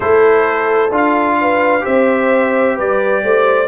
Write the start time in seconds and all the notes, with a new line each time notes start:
0.00 A3 E4 A4 C5
0.90 D4 F4
0.96 F5
1.41 B4
1.80 C4 G4 C5 E5
2.75 G3 B4 D5
3.23 A3 C5